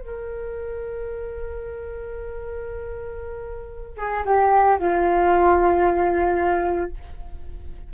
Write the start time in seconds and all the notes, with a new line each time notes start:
0.00 A#4
3.98 G#4
4.26 G4
4.79 F4